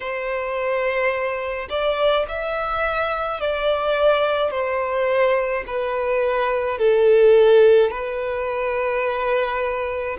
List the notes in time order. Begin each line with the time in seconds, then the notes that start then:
0.00 C5
1.69 D5
2.28 E5
3.40 D5
4.50 C5
5.67 B4
6.78 A4
7.90 B4